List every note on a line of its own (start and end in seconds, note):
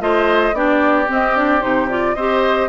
0.00 0.53 A3
0.00 0.54 F4
0.00 0.55 C5
0.00 0.55 D#5
0.53 1.07 B3
0.53 1.07 D4
0.53 2.16 G4
0.53 1.09 D5
1.07 1.34 C4
1.07 1.63 C4
1.07 1.36 D#5
1.35 1.60 D4
1.35 1.61 D5
1.60 2.15 C3
1.60 1.87 D#4
1.60 1.88 C5
1.89 2.16 F4
1.89 2.15 D5
2.15 2.69 C4
2.15 2.69 G4
2.15 2.69 C5
2.15 2.69 D#5